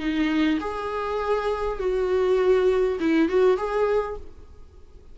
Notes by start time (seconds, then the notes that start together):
0.00 D#4
0.61 G#4
1.80 F#4
3.00 E4
3.29 F#4
3.58 G#4